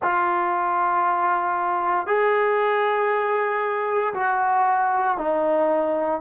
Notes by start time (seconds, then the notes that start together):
0.02 F4
2.06 G#4
4.14 F#4
5.17 D#4